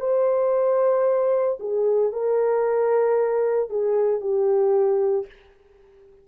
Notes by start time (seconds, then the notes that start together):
0.00 C5
1.60 G#4
2.12 A#4
3.69 G#4
4.21 G4